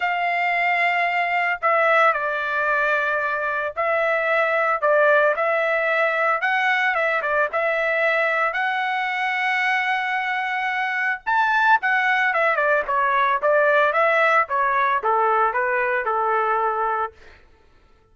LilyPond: \new Staff \with { instrumentName = "trumpet" } { \time 4/4 \tempo 4 = 112 f''2. e''4 | d''2. e''4~ | e''4 d''4 e''2 | fis''4 e''8 d''8 e''2 |
fis''1~ | fis''4 a''4 fis''4 e''8 d''8 | cis''4 d''4 e''4 cis''4 | a'4 b'4 a'2 | }